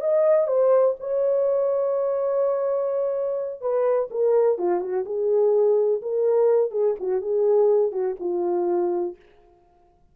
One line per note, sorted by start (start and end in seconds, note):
0.00 0.47 D#5
0.47 0.95 C5
0.99 3.61 C#5
3.61 4.09 B4
4.10 4.58 A#4
4.58 4.80 F4
4.80 5.04 F#4
5.05 6.01 G#4
6.02 6.71 A#4
6.71 6.95 G#4
6.99 7.21 F#4
7.21 7.91 G#4
7.91 8.15 F#4
8.19 9.15 F4